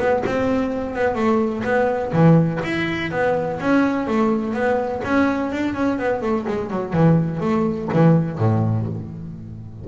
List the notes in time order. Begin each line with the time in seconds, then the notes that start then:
0.00 B3
0.27 C4
0.96 B3
1.15 A3
1.65 B3
2.13 E3
2.64 E4
3.12 B3
3.60 C#4
4.08 A3
4.54 B3
5.05 C#4
5.52 D4
5.75 C#4
5.99 B3
6.22 A3
6.48 G#3
6.71 F#3
6.94 E3
7.41 A3
7.94 E3
8.39 A2